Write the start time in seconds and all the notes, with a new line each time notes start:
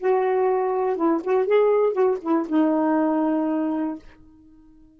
0.00 F#4
0.96 E4
1.24 F#4
1.47 G#4
1.92 F#4
2.22 E4
2.49 D#4